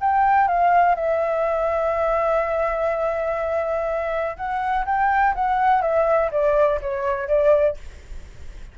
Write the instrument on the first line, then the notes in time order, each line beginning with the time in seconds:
flute
0.00 G5
0.47 F5
0.95 E5
4.36 F#5
4.85 G5
5.34 F#5
5.81 E5
6.31 D5
6.81 C#5
7.27 D5